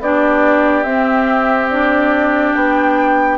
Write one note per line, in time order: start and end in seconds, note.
0.00 0.85 B3
0.00 0.85 D4
0.00 3.37 G4
0.00 0.83 D5
0.83 2.54 C4
0.83 1.69 C4
0.83 1.68 E5
1.70 3.37 D4
1.70 2.54 D5
2.54 3.37 B3
2.54 3.37 G5